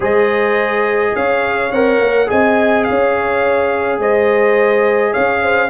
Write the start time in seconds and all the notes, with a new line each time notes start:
0.00 G#3 G#4 C5 D#5
1.15 C#4 C#5 F5
1.71 C4 A#4 F#5
1.99 A#3
2.26 C4 G#4 D#5 G#5
2.84 C#4 C#5 F5
3.98 G#3 C5 D#5
5.12 C#4 C#5 F5
5.42 C5